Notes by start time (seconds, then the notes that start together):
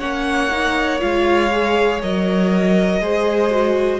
0.00 A#3 C#4 C#5 F#5
0.51 D#4
1.00 G#3 F4 F5
1.51 G#4
2.02 F#3 A#4 D#5
3.00 G#3 G#4 C5
3.51 F#4